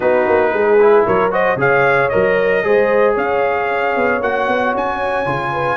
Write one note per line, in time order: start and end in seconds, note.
0.00 0.26 B3
0.00 0.78 D#4
0.00 0.52 F#4
0.00 1.05 B4
0.26 0.53 A#3
0.53 1.05 G#3
0.53 1.05 G#4
0.80 1.30 E4
1.05 1.56 F#3
1.05 1.31 A#4
1.05 1.32 C#5
1.30 1.57 F#4
1.30 1.58 C5
1.30 1.59 D#5
1.56 2.08 C#3
1.56 2.10 G#4
1.56 2.63 C#5
1.56 2.09 F5
2.09 2.64 F#3
2.09 2.63 A#4
2.09 3.14 D#5
2.63 3.16 G#3
2.63 4.21 G#4
2.63 3.14 C5
3.14 3.96 C#4
3.14 5.51 C#5
3.14 4.22 F5
3.96 4.21 B3
4.21 4.47 A#3
4.21 5.25 F#4
4.21 4.75 F#5
4.47 4.73 B3
4.74 5.26 C#4
4.74 5.76 G#5
5.25 5.76 C#3
5.25 5.76 F4
5.52 5.76 B4